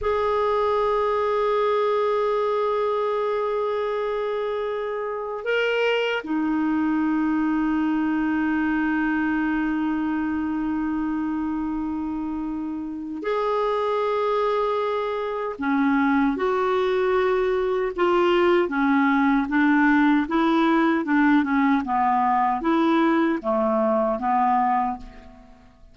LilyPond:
\new Staff \with { instrumentName = "clarinet" } { \time 4/4 \tempo 4 = 77 gis'1~ | gis'2. ais'4 | dis'1~ | dis'1~ |
dis'4 gis'2. | cis'4 fis'2 f'4 | cis'4 d'4 e'4 d'8 cis'8 | b4 e'4 a4 b4 | }